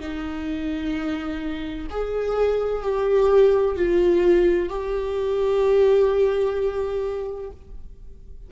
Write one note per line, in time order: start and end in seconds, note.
0.00 1.87 D#4
1.90 2.83 G#4
2.83 3.76 G4
3.76 4.70 F4
4.70 7.51 G4